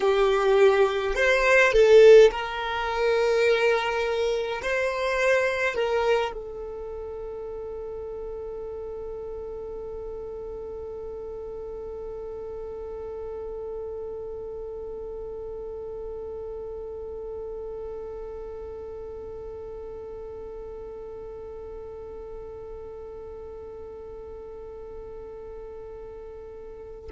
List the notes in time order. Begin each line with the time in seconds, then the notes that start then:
0.00 G4
1.15 C5
1.72 A4
2.31 A#4
4.62 C5
5.74 A#4
6.34 A4